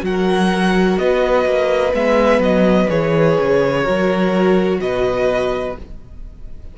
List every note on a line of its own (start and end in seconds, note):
0.00 0.97 F#3
0.00 1.90 F#4
0.00 0.98 F#5
0.08 1.01 A#4
0.98 1.45 B3
0.98 3.83 B4
0.98 1.93 D#5
1.45 1.93 A#3
1.93 2.39 G#3
1.93 2.88 B3
1.93 2.42 E5
2.39 2.86 F#3
2.39 2.89 D#5
2.88 3.38 E3
2.88 3.83 G#4
2.88 4.80 C#5
3.40 3.87 C#3
3.83 4.80 F#3
3.83 5.73 F#4
3.83 4.78 A#4
4.80 5.75 B2
4.80 5.78 B4
4.80 5.76 D#5